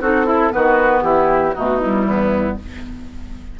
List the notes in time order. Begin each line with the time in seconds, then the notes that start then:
0.00 C4 D#4 F#4 A4
0.25 E4
0.50 D#3 B3 F#4 B4
1.02 E3 E4 G4
1.53 B2 A3 D#4 F#4
1.79 G3 E4
2.06 E2 B3